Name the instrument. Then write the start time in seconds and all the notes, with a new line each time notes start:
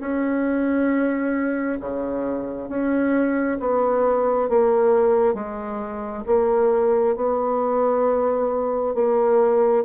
bassoon
0.00 C#4
1.80 C#3
2.69 C#4
3.60 B3
4.49 A#3
5.34 G#3
6.26 A#3
7.16 B3
8.95 A#3